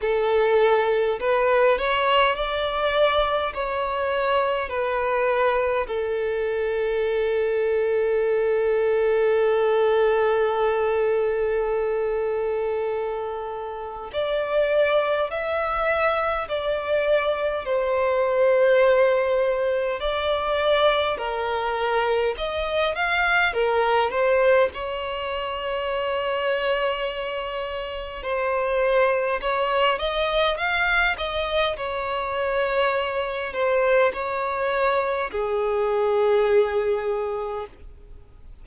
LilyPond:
\new Staff \with { instrumentName = "violin" } { \time 4/4 \tempo 4 = 51 a'4 b'8 cis''8 d''4 cis''4 | b'4 a'2.~ | a'1 | d''4 e''4 d''4 c''4~ |
c''4 d''4 ais'4 dis''8 f''8 | ais'8 c''8 cis''2. | c''4 cis''8 dis''8 f''8 dis''8 cis''4~ | cis''8 c''8 cis''4 gis'2 | }